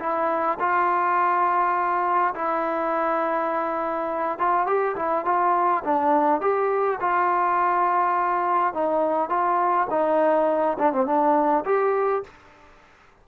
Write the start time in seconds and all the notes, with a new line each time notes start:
0.00 E4
0.59 F4
2.35 E4
4.39 F4
4.67 G4
4.96 E4
5.25 F4
5.84 D4
6.41 G4
7.00 F4
8.74 D#4
9.29 F4
9.90 D#4
10.78 D4
10.93 C4
11.06 D4
11.65 G4